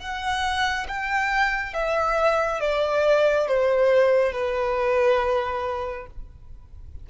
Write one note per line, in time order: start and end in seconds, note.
0.00 0.87 F#5
0.88 1.74 G5
1.74 2.61 E5
2.61 3.48 D5
3.48 4.33 C5
4.33 6.07 B4